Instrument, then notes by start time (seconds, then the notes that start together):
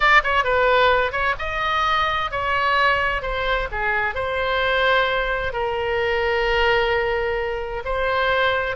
oboe
0.00 D5
0.23 C#5
0.44 B4
1.11 C#5
1.38 D#5
2.31 C#5
3.22 C5
3.71 G#4
4.14 C5
5.52 A#4
7.85 C5